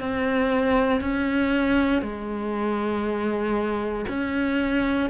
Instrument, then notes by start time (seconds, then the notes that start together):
cello
0.00 C4
1.01 C#4
2.02 G#3
4.08 C#4